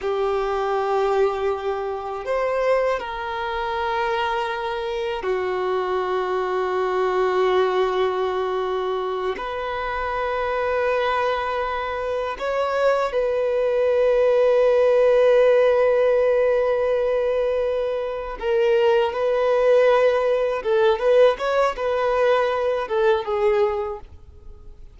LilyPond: \new Staff \with { instrumentName = "violin" } { \time 4/4 \tempo 4 = 80 g'2. c''4 | ais'2. fis'4~ | fis'1~ | fis'8 b'2.~ b'8~ |
b'8 cis''4 b'2~ b'8~ | b'1~ | b'8 ais'4 b'2 a'8 | b'8 cis''8 b'4. a'8 gis'4 | }